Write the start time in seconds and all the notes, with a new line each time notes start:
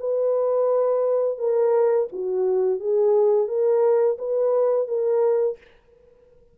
0.00 B4
1.38 A#4
2.12 F#4
2.80 G#4
3.48 A#4
4.18 B4
4.88 A#4